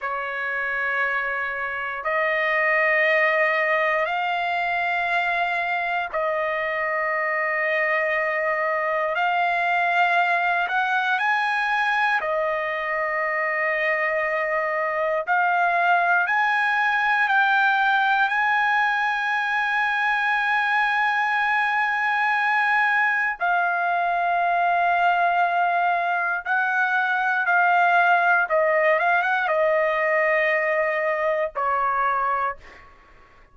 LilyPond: \new Staff \with { instrumentName = "trumpet" } { \time 4/4 \tempo 4 = 59 cis''2 dis''2 | f''2 dis''2~ | dis''4 f''4. fis''8 gis''4 | dis''2. f''4 |
gis''4 g''4 gis''2~ | gis''2. f''4~ | f''2 fis''4 f''4 | dis''8 f''16 fis''16 dis''2 cis''4 | }